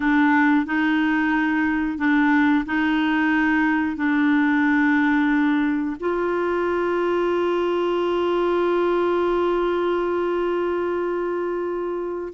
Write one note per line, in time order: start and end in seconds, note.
0.00 0.65 D4
0.65 1.98 D#4
1.98 2.65 D4
2.65 3.96 D#4
3.96 5.96 D4
5.99 12.33 F4